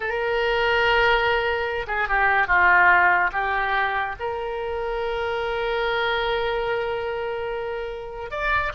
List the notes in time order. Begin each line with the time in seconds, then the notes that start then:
0.00 A#4
1.87 G#4
2.08 G4
2.47 F4
3.32 G4
4.19 A#4
8.30 D5